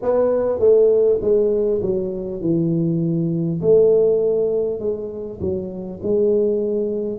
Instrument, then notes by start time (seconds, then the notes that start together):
tuba
0.02 B3
0.59 A3
1.21 G#3
1.81 F#3
2.41 E3
3.61 A3
4.79 G#3
5.40 F#3
6.02 G#3